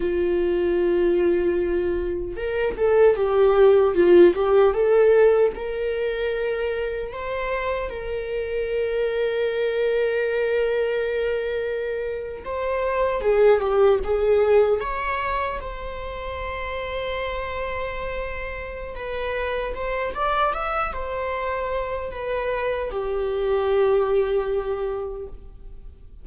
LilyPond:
\new Staff \with { instrumentName = "viola" } { \time 4/4 \tempo 4 = 76 f'2. ais'8 a'8 | g'4 f'8 g'8 a'4 ais'4~ | ais'4 c''4 ais'2~ | ais'2.~ ais'8. c''16~ |
c''8. gis'8 g'8 gis'4 cis''4 c''16~ | c''1 | b'4 c''8 d''8 e''8 c''4. | b'4 g'2. | }